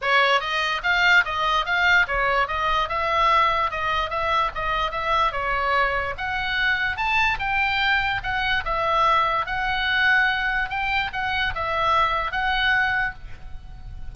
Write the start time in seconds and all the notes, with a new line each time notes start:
0.01 C#5
0.40 D#5
0.83 F5
1.25 D#5
1.65 F5
2.07 C#5
2.47 D#5
2.88 E5
3.70 D#5
4.09 E5
4.54 D#5
4.91 E5
5.32 C#5
6.17 F#5
6.97 A5
7.39 G5
8.23 F#5
8.64 E5
9.46 F#5
10.69 G5
11.12 F#5
11.54 E5
12.31 F#5